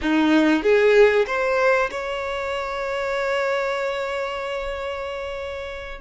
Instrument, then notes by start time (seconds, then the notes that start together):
violin
0.01 D#4
0.62 G#4
1.27 C5
1.90 C#5